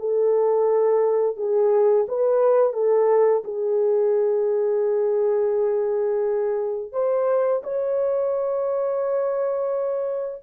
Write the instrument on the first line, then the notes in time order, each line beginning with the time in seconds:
horn
0.00 A4
1.37 G#4
2.09 B4
2.74 A4
3.45 G#4
6.93 C5
7.64 C#5